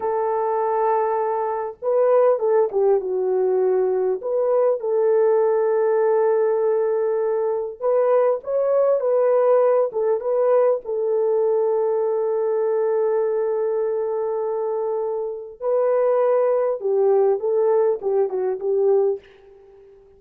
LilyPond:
\new Staff \with { instrumentName = "horn" } { \time 4/4 \tempo 4 = 100 a'2. b'4 | a'8 g'8 fis'2 b'4 | a'1~ | a'4 b'4 cis''4 b'4~ |
b'8 a'8 b'4 a'2~ | a'1~ | a'2 b'2 | g'4 a'4 g'8 fis'8 g'4 | }